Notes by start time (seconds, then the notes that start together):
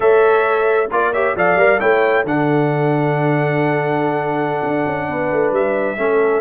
0.00 A3 A4 C#5 E5
0.91 A#3 F4 D5
1.13 G4 C#5 E5
1.35 F3 A4 D5 F5
1.55 G3 A#4
1.80 A3 E4 C#5 G5
2.24 D3 D4 A4 F#5
4.63 D4
4.86 C#4
5.08 B3 B4
5.31 A3
5.51 G3 E5
5.97 A3 C#4 A4